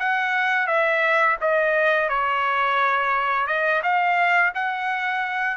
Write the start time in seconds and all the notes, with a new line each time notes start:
0.00 F#5
0.68 E5
1.41 D#5
2.09 C#5
3.47 D#5
3.83 F5
4.55 F#5